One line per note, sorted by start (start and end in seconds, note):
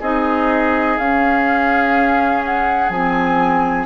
0.00 0.98 C4
0.00 0.99 D#4
0.00 3.86 G#4
0.00 0.98 D#5
0.98 2.90 C#4
0.98 2.93 C#4
0.98 2.43 F5
2.45 2.90 F#5
2.90 3.86 F3
2.90 3.86 C4
2.90 3.86 G#5